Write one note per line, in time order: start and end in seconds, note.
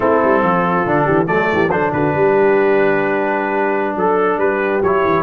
0.00 0.21 A3
0.00 0.86 C4
0.00 0.43 E4
0.00 1.27 A4
0.23 0.42 G3
0.42 0.85 F3
0.42 1.05 F4
0.86 1.07 D3
0.86 1.26 D4
1.05 1.29 E3
1.05 1.26 G4
1.26 1.50 F#3
1.26 1.69 A3
1.26 1.49 A4
1.26 1.70 D5
1.52 1.68 E3
1.52 1.72 G4
1.68 1.90 F#3
1.68 4.82 D4
1.68 1.93 A4
1.68 1.92 C5
1.92 2.14 D3
1.92 2.15 F#4
1.92 3.96 B4
2.14 3.95 G3
2.14 3.97 G4
3.95 4.37 F#3
3.95 4.39 A4
4.37 4.80 G3
4.37 5.23 G4
4.37 4.82 B4
4.82 5.04 F#3
4.82 5.23 E4
4.82 5.23 C#5
5.04 5.23 E3